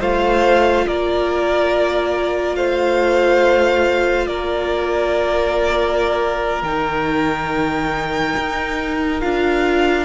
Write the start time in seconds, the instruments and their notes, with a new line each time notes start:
0.00 cello A3, viola F4, violin C5 F5
0.87 cello A#3, violin A#4 D5
2.56 cello A3, violin C5 F5
4.27 cello A#3, violin A#4 D5
6.63 cello D#3, viola D#4, violin G5
8.37 cello D#4
9.21 cello D4, viola F4, violin F5